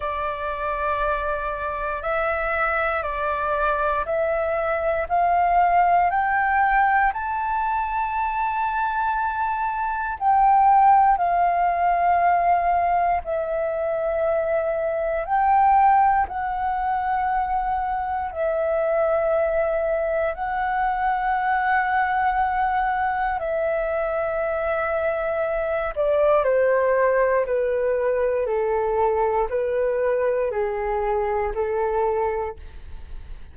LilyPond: \new Staff \with { instrumentName = "flute" } { \time 4/4 \tempo 4 = 59 d''2 e''4 d''4 | e''4 f''4 g''4 a''4~ | a''2 g''4 f''4~ | f''4 e''2 g''4 |
fis''2 e''2 | fis''2. e''4~ | e''4. d''8 c''4 b'4 | a'4 b'4 gis'4 a'4 | }